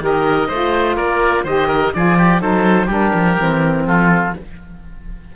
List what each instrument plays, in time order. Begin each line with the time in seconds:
0.00 cello D#3, saxophone G4, oboe A#4 D#5
0.48 cello A3, saxophone F4, oboe C5
0.96 cello A#3, oboe A#4 D5
1.44 cello D#3, saxophone G4, oboe C5 D#5
1.68 oboe A#4
1.94 cello F3, saxophone F4, oboe G#4 D5
2.18 oboe G4
2.40 cello F#3, saxophone D#4, oboe A4 C5
2.87 cello G3, saxophone D4, oboe G4 A#4
3.14 cello F3
3.38 cello E3, saxophone C4
3.86 cello F3, oboe F4 A4